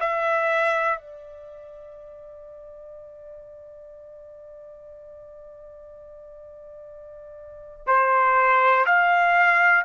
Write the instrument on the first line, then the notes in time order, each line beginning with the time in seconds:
trumpet
0.00 E5
0.98 D5
7.86 C5
8.86 F5